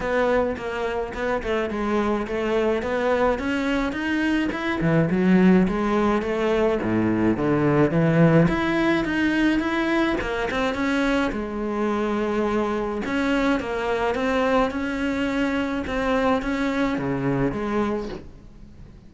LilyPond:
\new Staff \with { instrumentName = "cello" } { \time 4/4 \tempo 4 = 106 b4 ais4 b8 a8 gis4 | a4 b4 cis'4 dis'4 | e'8 e8 fis4 gis4 a4 | a,4 d4 e4 e'4 |
dis'4 e'4 ais8 c'8 cis'4 | gis2. cis'4 | ais4 c'4 cis'2 | c'4 cis'4 cis4 gis4 | }